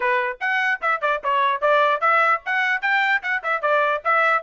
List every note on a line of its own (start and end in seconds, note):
0.00 0.38 B4
0.40 0.80 F#5
0.81 1.01 E5
1.01 1.21 D5
1.23 1.61 C#5
1.61 2.00 D5
2.00 2.41 E5
2.45 2.81 F#5
2.81 3.22 G5
3.22 3.42 F#5
3.43 3.61 E5
3.61 4.02 D5
4.04 4.42 E5